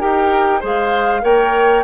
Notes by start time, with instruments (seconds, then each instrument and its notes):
0.00 bassoon D#4, clarinet G4, oboe A#4, flute G5
0.60 bassoon G#3, clarinet G#4, oboe C5
0.66 flute F5
1.21 bassoon A#3, clarinet A#4, oboe C#5, flute G5